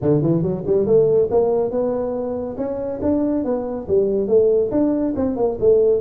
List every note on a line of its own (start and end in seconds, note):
0.01 0.21 D3
0.21 0.42 E3
0.42 0.63 F#3
0.66 0.86 G3
0.86 1.29 A3
1.30 1.70 A#3
1.70 2.56 B3
2.57 3.00 C#4
3.02 3.44 D4
3.44 3.87 B3
3.87 4.27 G3
4.27 4.70 A3
4.71 5.14 D4
5.15 5.36 C4
5.36 5.58 A#3
5.60 6.00 A3